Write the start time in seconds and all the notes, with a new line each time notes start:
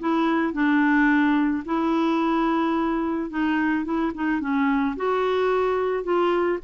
0.00 E4
0.54 D4
1.65 E4
3.30 D#4
3.85 E4
4.15 D#4
4.41 C#4
4.97 F#4
6.04 F4